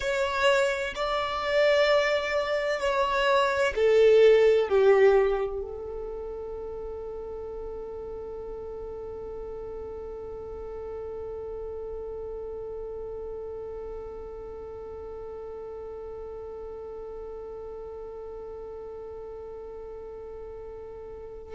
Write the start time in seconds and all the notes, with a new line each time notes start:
0.00 C#5
0.95 D5
2.80 C#5
3.75 A4
4.68 G4
5.61 A4